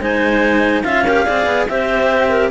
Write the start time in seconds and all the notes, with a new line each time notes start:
0.00 G#3 D#4 C5 G#5
0.83 C#4 F4 E5 F5
1.05 G4 A#4
1.25 C4 G#4 D5
1.46 B3
1.68 C4 G4 C5 E5
2.29 A#4